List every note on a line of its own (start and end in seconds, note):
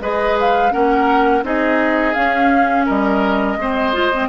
0.00 0.71 G#3
0.00 0.71 G#4
0.00 0.72 B4
0.00 0.37 D#5
0.40 0.72 F5
0.71 1.43 A#3
0.71 1.42 C#4
0.71 1.44 A#4
0.71 1.43 F#5
1.43 2.14 C4
1.43 2.15 D#4
1.43 2.86 G#4
1.43 2.14 D#5
2.14 3.58 C#4
2.14 2.88 C#4
2.14 2.85 F5
2.86 3.56 G3
2.86 3.57 A#4
2.86 4.29 D#5
3.56 4.28 G#3
3.56 3.93 C4
3.56 4.29 C5
3.93 4.11 F4
4.13 4.29 C4